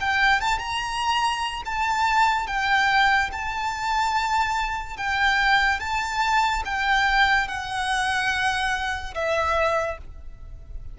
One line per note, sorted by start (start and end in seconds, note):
0.00 0.40 G5
0.40 0.58 A5
0.58 1.62 A#5
1.65 2.47 A5
2.47 3.30 G5
3.32 4.97 A5
4.97 5.79 G5
5.79 6.62 A5
6.64 7.47 G5
7.47 9.14 F#5
9.14 9.98 E5